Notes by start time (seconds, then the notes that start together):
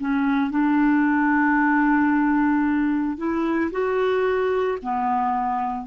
0.00 C#4
0.51 D4
3.18 E4
3.72 F#4
4.83 B3